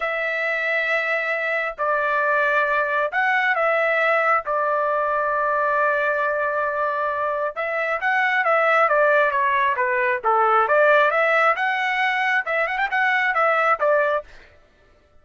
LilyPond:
\new Staff \with { instrumentName = "trumpet" } { \time 4/4 \tempo 4 = 135 e''1 | d''2. fis''4 | e''2 d''2~ | d''1~ |
d''4 e''4 fis''4 e''4 | d''4 cis''4 b'4 a'4 | d''4 e''4 fis''2 | e''8 fis''16 g''16 fis''4 e''4 d''4 | }